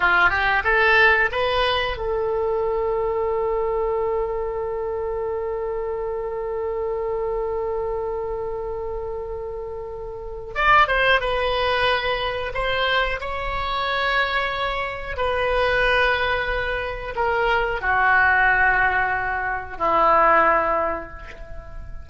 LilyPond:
\new Staff \with { instrumentName = "oboe" } { \time 4/4 \tempo 4 = 91 f'8 g'8 a'4 b'4 a'4~ | a'1~ | a'1~ | a'1 |
d''8 c''8 b'2 c''4 | cis''2. b'4~ | b'2 ais'4 fis'4~ | fis'2 e'2 | }